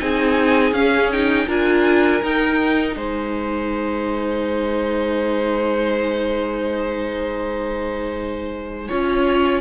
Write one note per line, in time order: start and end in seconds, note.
0.00 0.72 C4
0.00 0.74 D#4
0.00 1.48 G#4
0.00 0.74 G#5
0.72 1.46 C#4
0.72 1.13 C#4
0.72 1.11 F5
1.12 1.48 D#4
1.12 1.49 G5
1.48 2.22 D4
1.48 2.22 F4
1.48 2.96 A#4
1.48 2.25 G#5
2.23 2.97 D#4
2.23 8.90 D#4
2.23 2.96 G5
2.96 8.89 G#3
2.96 8.88 C5
2.96 9.61 G#5
8.88 9.61 C#4
8.88 9.61 F4
8.88 9.61 C#5